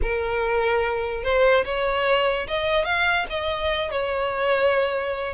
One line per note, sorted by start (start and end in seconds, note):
0.01 1.23 A#4
1.23 1.64 C5
1.65 2.47 C#5
2.47 2.85 D#5
2.85 3.26 F5
3.29 3.91 D#5
3.91 5.33 C#5